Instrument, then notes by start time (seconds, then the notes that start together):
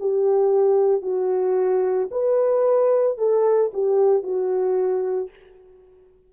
horn
0.00 G4
1.02 F#4
2.11 B4
3.18 A4
3.74 G4
4.23 F#4